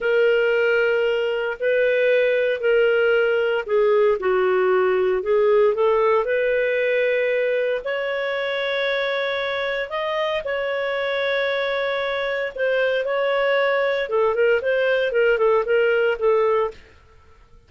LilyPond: \new Staff \with { instrumentName = "clarinet" } { \time 4/4 \tempo 4 = 115 ais'2. b'4~ | b'4 ais'2 gis'4 | fis'2 gis'4 a'4 | b'2. cis''4~ |
cis''2. dis''4 | cis''1 | c''4 cis''2 a'8 ais'8 | c''4 ais'8 a'8 ais'4 a'4 | }